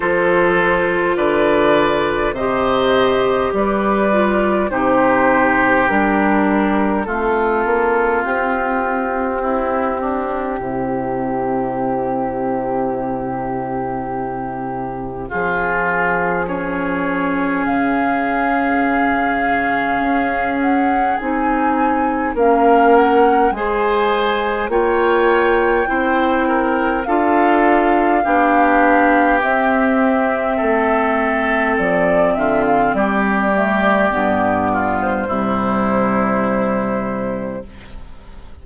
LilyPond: <<
  \new Staff \with { instrumentName = "flute" } { \time 4/4 \tempo 4 = 51 c''4 d''4 dis''4 d''4 | c''4 ais'4 a'4 g'4~ | g'1~ | g'4 gis'4 cis''4 f''4~ |
f''4. fis''8 gis''4 f''8 fis''8 | gis''4 g''2 f''4~ | f''4 e''2 d''8 e''16 f''16 | d''4.~ d''16 c''2~ c''16 | }
  \new Staff \with { instrumentName = "oboe" } { \time 4/4 a'4 b'4 c''4 b'4 | g'2 f'2 | e'8 d'8 e'2.~ | e'4 f'4 gis'2~ |
gis'2. ais'4 | c''4 cis''4 c''8 ais'8 a'4 | g'2 a'4. f'8 | g'4. f'8 e'2 | }
  \new Staff \with { instrumentName = "clarinet" } { \time 4/4 f'2 g'4. f'8 | dis'4 d'4 c'2~ | c'1~ | c'2 cis'2~ |
cis'2 dis'4 cis'4 | gis'4 f'4 e'4 f'4 | d'4 c'2.~ | c'8 a8 b4 g2 | }
  \new Staff \with { instrumentName = "bassoon" } { \time 4/4 f4 d4 c4 g4 | c4 g4 a8 ais8 c'4~ | c'4 c2.~ | c4 f2 cis4~ |
cis4 cis'4 c'4 ais4 | gis4 ais4 c'4 d'4 | b4 c'4 a4 f8 d8 | g4 g,4 c2 | }
>>